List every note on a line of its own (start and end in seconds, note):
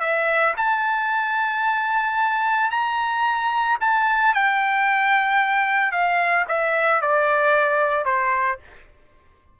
0.00 0.54 E5
0.57 2.70 A5
2.70 3.77 A#5
3.80 4.34 A5
4.34 5.92 G5
5.92 6.45 F5
6.48 7.02 E5
7.02 8.05 D5
8.05 8.58 C5